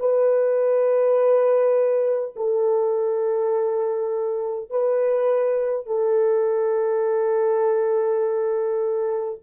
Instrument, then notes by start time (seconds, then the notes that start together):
horn
0.00 B4
2.36 A4
4.71 B4
5.87 A4